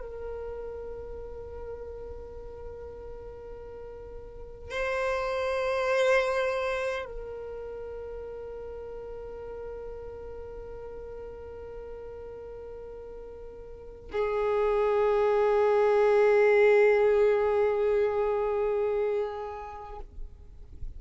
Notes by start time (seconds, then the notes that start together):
0.00 A#4
4.71 C5
7.05 A#4
14.12 G#4